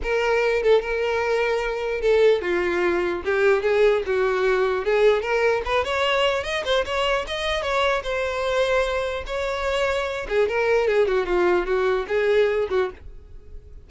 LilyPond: \new Staff \with { instrumentName = "violin" } { \time 4/4 \tempo 4 = 149 ais'4. a'8 ais'2~ | ais'4 a'4 f'2 | g'4 gis'4 fis'2 | gis'4 ais'4 b'8 cis''4. |
dis''8 c''8 cis''4 dis''4 cis''4 | c''2. cis''4~ | cis''4. gis'8 ais'4 gis'8 fis'8 | f'4 fis'4 gis'4. fis'8 | }